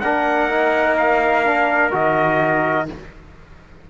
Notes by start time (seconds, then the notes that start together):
0.00 A#3 D4 A#4 F#5
0.50 D#4
0.97 F5
1.45 D4
1.91 D#3 F#4 D#5